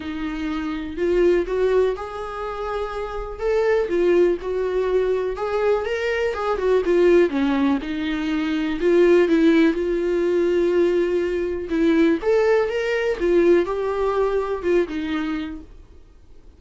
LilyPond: \new Staff \with { instrumentName = "viola" } { \time 4/4 \tempo 4 = 123 dis'2 f'4 fis'4 | gis'2. a'4 | f'4 fis'2 gis'4 | ais'4 gis'8 fis'8 f'4 cis'4 |
dis'2 f'4 e'4 | f'1 | e'4 a'4 ais'4 f'4 | g'2 f'8 dis'4. | }